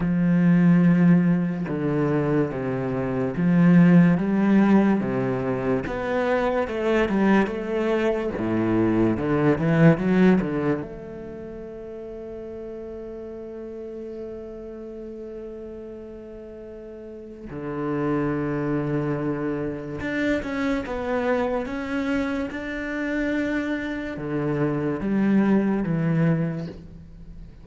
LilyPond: \new Staff \with { instrumentName = "cello" } { \time 4/4 \tempo 4 = 72 f2 d4 c4 | f4 g4 c4 b4 | a8 g8 a4 a,4 d8 e8 | fis8 d8 a2.~ |
a1~ | a4 d2. | d'8 cis'8 b4 cis'4 d'4~ | d'4 d4 g4 e4 | }